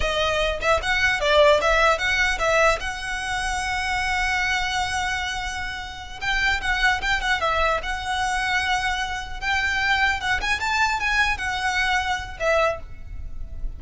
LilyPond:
\new Staff \with { instrumentName = "violin" } { \time 4/4 \tempo 4 = 150 dis''4. e''8 fis''4 d''4 | e''4 fis''4 e''4 fis''4~ | fis''1~ | fis''2.~ fis''8 g''8~ |
g''8 fis''4 g''8 fis''8 e''4 fis''8~ | fis''2.~ fis''8 g''8~ | g''4. fis''8 gis''8 a''4 gis''8~ | gis''8 fis''2~ fis''8 e''4 | }